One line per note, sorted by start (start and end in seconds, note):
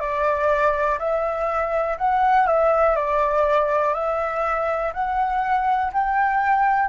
0.00 0.98 D5
0.99 1.97 E5
1.98 2.47 F#5
2.47 2.96 E5
2.96 3.94 D5
3.94 4.92 E5
4.93 5.92 F#5
5.92 6.89 G5